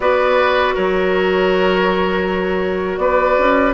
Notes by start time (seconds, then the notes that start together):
0.00 B3 F#4 B4 D5
0.74 F#3 A#4 C#5
2.97 B3 B4 D5
3.38 C#4